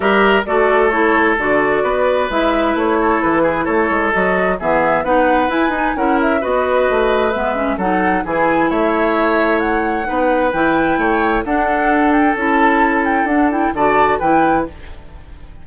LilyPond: <<
  \new Staff \with { instrumentName = "flute" } { \time 4/4 \tempo 4 = 131 e''4 d''4 cis''4 d''4~ | d''4 e''4 cis''4 b'4 | cis''4 dis''4 e''4 fis''4 | gis''4 fis''8 e''8 dis''2 |
e''4 fis''4 gis''4 e''4~ | e''4 fis''2 g''4~ | g''4 fis''4. g''8 a''4~ | a''8 g''8 fis''8 g''8 a''4 g''4 | }
  \new Staff \with { instrumentName = "oboe" } { \time 4/4 ais'4 a'2. | b'2~ b'8 a'4 gis'8 | a'2 gis'4 b'4~ | b'4 ais'4 b'2~ |
b'4 a'4 gis'4 cis''4~ | cis''2 b'2 | cis''4 a'2.~ | a'2 d''4 b'4 | }
  \new Staff \with { instrumentName = "clarinet" } { \time 4/4 g'4 fis'4 e'4 fis'4~ | fis'4 e'2.~ | e'4 fis'4 b4 dis'4 | e'8 dis'8 e'4 fis'2 |
b8 cis'8 dis'4 e'2~ | e'2 dis'4 e'4~ | e'4 d'2 e'4~ | e'4 d'8 e'8 fis'4 e'4 | }
  \new Staff \with { instrumentName = "bassoon" } { \time 4/4 g4 a2 d4 | b4 gis4 a4 e4 | a8 gis8 fis4 e4 b4 | e'8 dis'8 cis'4 b4 a4 |
gis4 fis4 e4 a4~ | a2 b4 e4 | a4 d'2 cis'4~ | cis'4 d'4 d4 e4 | }
>>